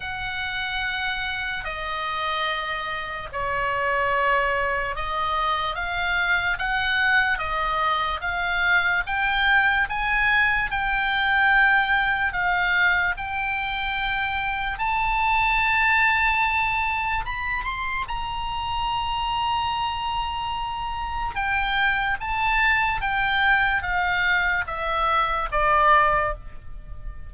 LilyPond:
\new Staff \with { instrumentName = "oboe" } { \time 4/4 \tempo 4 = 73 fis''2 dis''2 | cis''2 dis''4 f''4 | fis''4 dis''4 f''4 g''4 | gis''4 g''2 f''4 |
g''2 a''2~ | a''4 b''8 c'''8 ais''2~ | ais''2 g''4 a''4 | g''4 f''4 e''4 d''4 | }